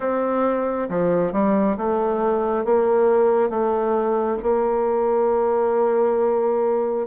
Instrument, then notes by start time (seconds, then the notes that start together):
bassoon
0.00 C4
0.89 F3
1.32 G3
1.76 A3
2.64 A#3
3.49 A3
4.42 A#3